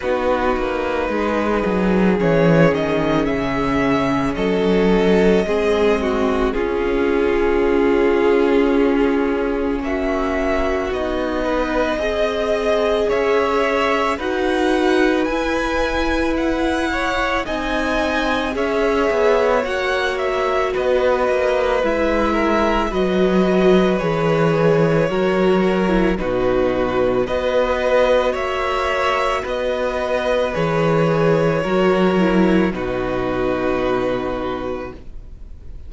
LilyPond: <<
  \new Staff \with { instrumentName = "violin" } { \time 4/4 \tempo 4 = 55 b'2 cis''8 dis''8 e''4 | dis''2 gis'2~ | gis'4 e''4 dis''2 | e''4 fis''4 gis''4 fis''4 |
gis''4 e''4 fis''8 e''8 dis''4 | e''4 dis''4 cis''2 | b'4 dis''4 e''4 dis''4 | cis''2 b'2 | }
  \new Staff \with { instrumentName = "violin" } { \time 4/4 fis'4 gis'2. | a'4 gis'8 fis'8 f'2~ | f'4 fis'4. b'8 dis''4 | cis''4 b'2~ b'8 cis''8 |
dis''4 cis''2 b'4~ | b'8 ais'8 b'2 ais'4 | fis'4 b'4 cis''4 b'4~ | b'4 ais'4 fis'2 | }
  \new Staff \with { instrumentName = "viola" } { \time 4/4 dis'2 cis'2~ | cis'4 c'4 cis'2~ | cis'2 dis'4 gis'4~ | gis'4 fis'4 e'2 |
dis'4 gis'4 fis'2 | e'4 fis'4 gis'4 fis'8. e'16 | dis'4 fis'2. | gis'4 fis'8 e'8 dis'2 | }
  \new Staff \with { instrumentName = "cello" } { \time 4/4 b8 ais8 gis8 fis8 e8 dis8 cis4 | fis4 gis4 cis'2~ | cis'4 ais4 b4 c'4 | cis'4 dis'4 e'2 |
c'4 cis'8 b8 ais4 b8 ais8 | gis4 fis4 e4 fis4 | b,4 b4 ais4 b4 | e4 fis4 b,2 | }
>>